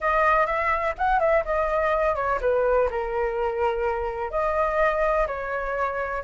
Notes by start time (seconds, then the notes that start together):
0.00 D#5
0.46 E5
0.98 F#5
1.19 E5
1.44 D#5
2.15 C#5
2.41 B4
2.90 A#4
4.30 D#5
5.27 C#5